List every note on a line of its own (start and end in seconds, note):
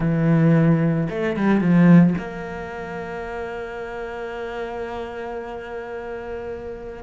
0.00 1.08 E3
1.09 1.36 A3
1.36 1.60 G3
1.60 2.14 F3
2.18 7.03 A#3